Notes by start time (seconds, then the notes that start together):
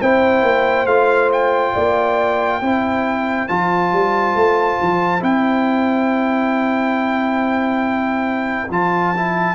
0.00 C4 E4 C5 G5
0.42 A#3
0.86 A3 F4 F5
1.32 G5
1.74 A#3 D5
2.60 C4 E4 C5
3.48 F3 F4 A5
3.92 G3
4.35 A3
4.81 F3
5.20 C4 E4 G5
8.69 F3 F4 A5
9.16 E4